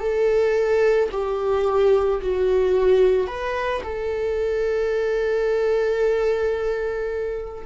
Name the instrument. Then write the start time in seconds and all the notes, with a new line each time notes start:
viola
0.00 A4
1.11 G4
2.21 F#4
3.27 B4
3.83 A4